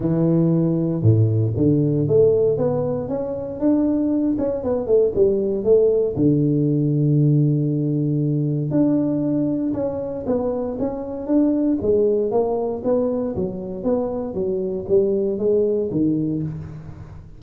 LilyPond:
\new Staff \with { instrumentName = "tuba" } { \time 4/4 \tempo 4 = 117 e2 a,4 d4 | a4 b4 cis'4 d'4~ | d'8 cis'8 b8 a8 g4 a4 | d1~ |
d4 d'2 cis'4 | b4 cis'4 d'4 gis4 | ais4 b4 fis4 b4 | fis4 g4 gis4 dis4 | }